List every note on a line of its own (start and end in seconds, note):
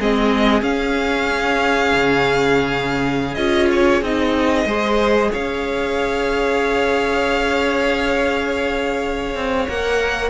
0.00 0.62 G#3
0.00 0.62 C4
0.00 4.66 G#4
0.00 0.63 D#5
0.62 1.91 C#4
0.62 3.37 C#4
0.62 3.35 F5
1.93 3.37 C#3
3.35 4.02 C#4
3.35 4.02 F4
3.35 3.67 D#5
3.71 4.04 C#5
4.02 4.65 C4
4.02 4.67 D#4
4.02 5.33 D#5
4.65 5.30 G#3
4.65 9.67 G#4
4.65 5.31 C5
5.31 9.35 C#4
5.31 10.30 C#5
5.31 9.69 F5
9.35 9.67 C4
9.68 10.30 A#3
9.68 10.30 A#4
9.68 10.30 F#5